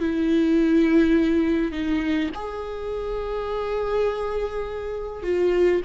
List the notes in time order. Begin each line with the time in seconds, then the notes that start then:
0.00 E4
1.72 D#4
2.35 G#4
5.23 F4